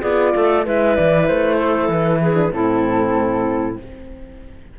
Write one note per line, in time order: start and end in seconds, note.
0.00 0.34 B3
0.00 0.64 F4
0.00 0.31 G#4
0.00 0.64 D5
0.34 0.66 A3
0.34 0.65 A4
0.64 0.98 G#3
0.64 2.34 E4
0.64 1.57 B4
0.64 0.95 E5
0.95 1.29 E3
0.95 1.26 D5
1.27 1.88 A3
1.27 1.90 C5
1.57 2.19 A4
1.88 2.50 E3
1.88 2.52 B4
2.21 2.52 G#4
2.34 2.49 D4
2.51 3.77 A2
2.51 3.76 C4
2.51 3.79 E4
2.51 3.77 A4